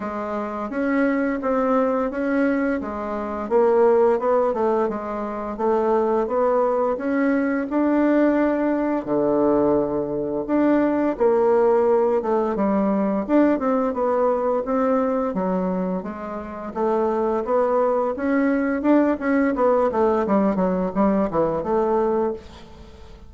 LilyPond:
\new Staff \with { instrumentName = "bassoon" } { \time 4/4 \tempo 4 = 86 gis4 cis'4 c'4 cis'4 | gis4 ais4 b8 a8 gis4 | a4 b4 cis'4 d'4~ | d'4 d2 d'4 |
ais4. a8 g4 d'8 c'8 | b4 c'4 fis4 gis4 | a4 b4 cis'4 d'8 cis'8 | b8 a8 g8 fis8 g8 e8 a4 | }